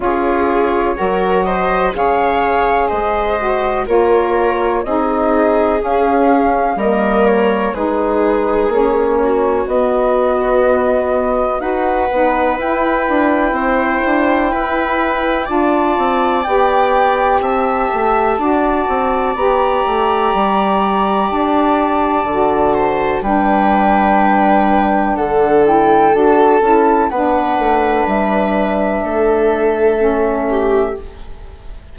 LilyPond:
<<
  \new Staff \with { instrumentName = "flute" } { \time 4/4 \tempo 4 = 62 cis''4. dis''8 f''4 dis''4 | cis''4 dis''4 f''4 dis''8 cis''8 | b'4 cis''4 dis''2 | fis''4 g''2. |
a''4 g''4 a''2 | ais''2 a''2 | g''2 fis''8 g''8 a''4 | fis''4 e''2. | }
  \new Staff \with { instrumentName = "viola" } { \time 4/4 gis'4 ais'8 c''8 cis''4 c''4 | ais'4 gis'2 ais'4 | gis'4. fis'2~ fis'8 | b'2 c''4 b'4 |
d''2 e''4 d''4~ | d''2.~ d''8 c''8 | b'2 a'2 | b'2 a'4. g'8 | }
  \new Staff \with { instrumentName = "saxophone" } { \time 4/4 f'4 fis'4 gis'4. fis'8 | f'4 dis'4 cis'4 ais4 | dis'4 cis'4 b2 | fis'8 dis'8 e'2. |
f'4 g'2 fis'4 | g'2. fis'4 | d'2~ d'8 e'8 fis'8 e'8 | d'2. cis'4 | }
  \new Staff \with { instrumentName = "bassoon" } { \time 4/4 cis'4 fis4 cis4 gis4 | ais4 c'4 cis'4 g4 | gis4 ais4 b2 | dis'8 b8 e'8 d'8 c'8 d'8 e'4 |
d'8 c'8 b4 c'8 a8 d'8 c'8 | b8 a8 g4 d'4 d4 | g2 d4 d'8 cis'8 | b8 a8 g4 a2 | }
>>